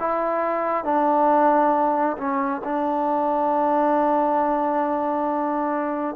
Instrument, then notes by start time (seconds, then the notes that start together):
trombone
0.00 E4
0.85 D4
2.18 C#4
2.64 D4